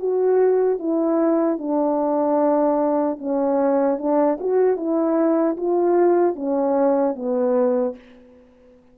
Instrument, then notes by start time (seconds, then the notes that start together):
horn
0.00 F#4
0.79 E4
1.59 D4
3.19 C#4
3.99 D4
4.41 F#4
4.77 E4
5.57 F4
6.36 C#4
7.16 B3